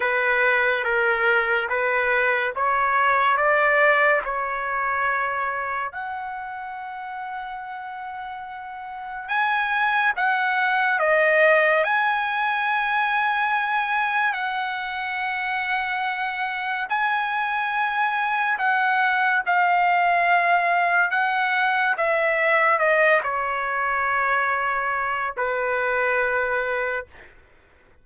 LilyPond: \new Staff \with { instrumentName = "trumpet" } { \time 4/4 \tempo 4 = 71 b'4 ais'4 b'4 cis''4 | d''4 cis''2 fis''4~ | fis''2. gis''4 | fis''4 dis''4 gis''2~ |
gis''4 fis''2. | gis''2 fis''4 f''4~ | f''4 fis''4 e''4 dis''8 cis''8~ | cis''2 b'2 | }